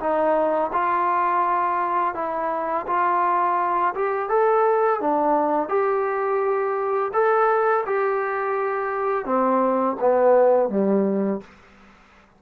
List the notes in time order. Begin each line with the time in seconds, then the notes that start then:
0.00 D#4
0.73 F4
2.15 E4
2.87 F4
3.95 G4
4.30 A4
5.01 D4
5.69 G4
7.14 A4
7.86 G4
9.26 C4
10.00 B3
10.70 G3